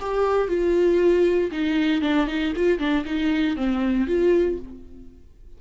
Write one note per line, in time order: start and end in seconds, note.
0.00 0.48 G4
0.48 1.51 F4
1.52 2.02 D#4
2.02 2.27 D4
2.28 2.53 D#4
2.56 2.79 F4
2.79 3.04 D4
3.06 3.57 D#4
3.57 4.07 C4
4.07 4.59 F4